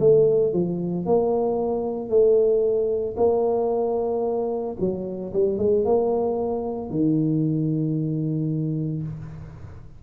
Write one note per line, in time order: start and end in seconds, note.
0.00 0.53 A3
0.53 1.06 F3
1.06 2.09 A#3
2.09 3.16 A3
3.17 4.76 A#3
4.80 5.33 F#3
5.33 5.58 G3
5.58 5.85 G#3
5.85 6.90 A#3
6.90 9.03 D#3